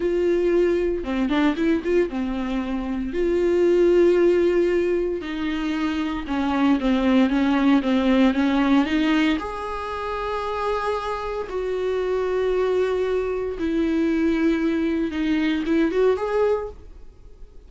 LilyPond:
\new Staff \with { instrumentName = "viola" } { \time 4/4 \tempo 4 = 115 f'2 c'8 d'8 e'8 f'8 | c'2 f'2~ | f'2 dis'2 | cis'4 c'4 cis'4 c'4 |
cis'4 dis'4 gis'2~ | gis'2 fis'2~ | fis'2 e'2~ | e'4 dis'4 e'8 fis'8 gis'4 | }